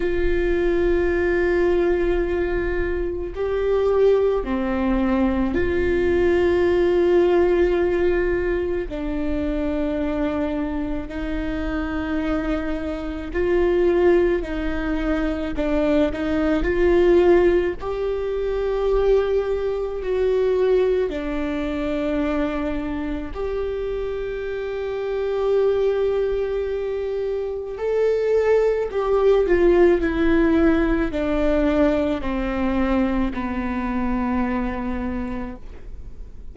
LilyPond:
\new Staff \with { instrumentName = "viola" } { \time 4/4 \tempo 4 = 54 f'2. g'4 | c'4 f'2. | d'2 dis'2 | f'4 dis'4 d'8 dis'8 f'4 |
g'2 fis'4 d'4~ | d'4 g'2.~ | g'4 a'4 g'8 f'8 e'4 | d'4 c'4 b2 | }